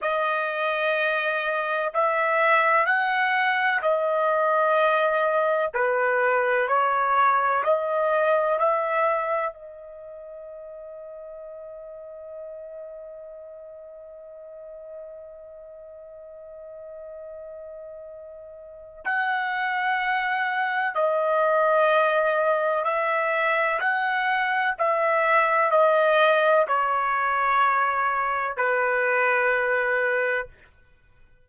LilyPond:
\new Staff \with { instrumentName = "trumpet" } { \time 4/4 \tempo 4 = 63 dis''2 e''4 fis''4 | dis''2 b'4 cis''4 | dis''4 e''4 dis''2~ | dis''1~ |
dis''1 | fis''2 dis''2 | e''4 fis''4 e''4 dis''4 | cis''2 b'2 | }